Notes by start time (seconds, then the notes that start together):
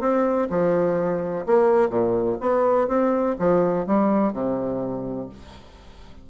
0.00 C4
0.50 F3
1.46 A#3
1.89 A#2
2.40 B3
2.88 C4
3.39 F3
3.87 G3
4.33 C3